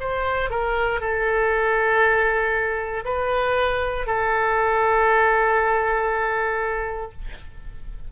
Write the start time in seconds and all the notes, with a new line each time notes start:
0.00 C5
0.50 A#4
1.01 A4
3.05 B4
4.07 A4